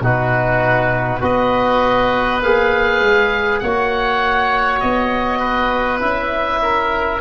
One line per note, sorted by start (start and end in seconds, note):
0.00 1.20 B2
0.00 1.20 D#4
0.00 1.20 F#4
0.00 1.23 B4
1.20 2.42 B3
1.20 2.40 F#4
1.20 3.60 B4
1.20 2.43 D#5
2.42 3.00 A#3
2.42 3.64 G#4
2.42 3.59 F5
3.00 3.60 G#3
3.59 4.82 A#3
3.59 6.00 F#4
3.59 5.39 C#5
3.59 4.79 F#5
4.80 6.01 B3
4.80 6.00 D#5
5.39 6.59 B4
6.00 7.21 C#4
6.00 7.20 E4
6.00 7.21 E5
6.62 7.21 A#4